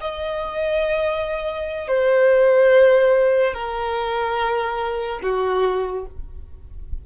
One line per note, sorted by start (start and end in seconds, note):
0.00 1.87 D#5
1.87 3.53 C5
3.53 5.20 A#4
5.22 6.06 F#4